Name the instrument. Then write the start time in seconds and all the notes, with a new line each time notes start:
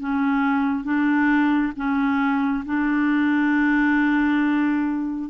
clarinet
0.00 C#4
0.84 D4
1.76 C#4
2.66 D4